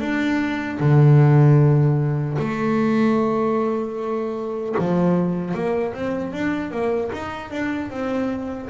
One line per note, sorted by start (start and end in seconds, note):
0.00 0.79 D4
0.80 2.38 D3
2.39 4.76 A3
4.79 5.54 F3
5.54 5.94 A#3
5.94 6.33 C4
6.33 6.71 D4
6.71 7.11 A#3
7.13 7.51 D#4
7.51 7.91 D4
7.91 8.69 C4